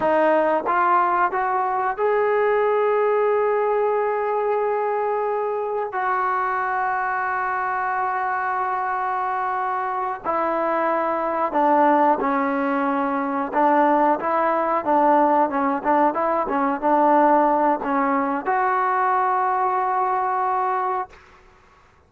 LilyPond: \new Staff \with { instrumentName = "trombone" } { \time 4/4 \tempo 4 = 91 dis'4 f'4 fis'4 gis'4~ | gis'1~ | gis'4 fis'2.~ | fis'2.~ fis'8 e'8~ |
e'4. d'4 cis'4.~ | cis'8 d'4 e'4 d'4 cis'8 | d'8 e'8 cis'8 d'4. cis'4 | fis'1 | }